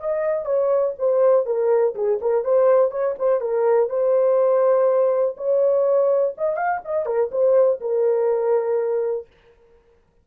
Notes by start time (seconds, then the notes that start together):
0.00 D#5
0.45 C#5
0.98 C5
1.46 A#4
1.95 G#4
2.22 A#4
2.44 C5
2.91 C#5
3.19 C5
3.41 A#4
3.90 C5
5.37 C#5
6.37 D#5
6.57 F5
6.85 D#5
7.06 A#4
7.31 C5
7.80 A#4